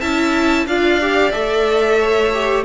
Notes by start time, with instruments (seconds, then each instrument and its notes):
0.00 cello C#4, viola E4, violin E5 A5
0.67 cello D4, viola F4, violin D5 F5
1.01 viola G4
1.32 cello A3, viola A4, violin E5
1.99 violin C#5
2.34 viola G4